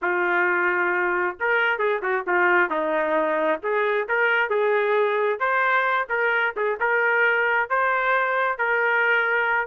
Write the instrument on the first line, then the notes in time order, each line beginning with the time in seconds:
trumpet
0.02 F4
1.40 A#4
1.78 G#4
2.02 F#4
2.27 F4
2.70 D#4
3.63 G#4
4.08 A#4
4.49 G#4
5.39 C5
6.09 A#4
6.56 G#4
6.80 A#4
7.69 C5
8.57 A#4